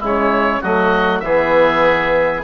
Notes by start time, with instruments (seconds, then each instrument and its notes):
0.00 bassoon C#3, trombone G#3, oboe E4 C#5
0.62 bassoon F#3, trombone A3, oboe F#4 D#5
1.20 bassoon E3, oboe G#4 E5
1.26 trombone B3